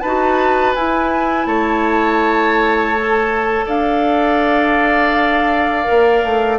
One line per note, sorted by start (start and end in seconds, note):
0.00 0.75 D#4
0.00 0.76 F#4
0.00 1.47 B4
0.00 0.73 A5
0.74 1.46 E4
0.74 2.95 E4
0.74 1.46 G#5
1.46 3.65 A3
1.46 3.65 C#5
1.46 3.66 A5
2.98 5.84 A4
3.65 5.87 D4
3.65 6.58 D5
3.65 6.58 F5
5.84 6.23 A#3
5.84 6.57 A#4
6.23 6.58 A3